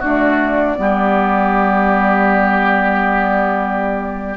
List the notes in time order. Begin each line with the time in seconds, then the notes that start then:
0.00 A3 D4 F#4 D5
0.76 G3 B3 G4